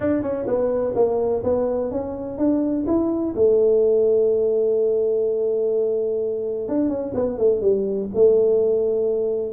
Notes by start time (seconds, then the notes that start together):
0.00 D4
0.22 C#4
0.47 B3
0.95 A#3
1.43 B3
1.91 C#4
2.37 D4
2.87 E4
3.35 A3
6.68 D4
6.88 C#4
7.14 B3
7.38 A3
7.61 G3
8.14 A3